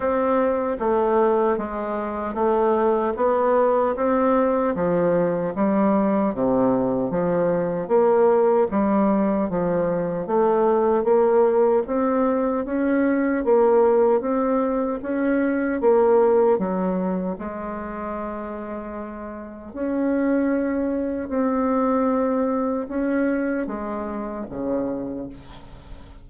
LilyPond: \new Staff \with { instrumentName = "bassoon" } { \time 4/4 \tempo 4 = 76 c'4 a4 gis4 a4 | b4 c'4 f4 g4 | c4 f4 ais4 g4 | f4 a4 ais4 c'4 |
cis'4 ais4 c'4 cis'4 | ais4 fis4 gis2~ | gis4 cis'2 c'4~ | c'4 cis'4 gis4 cis4 | }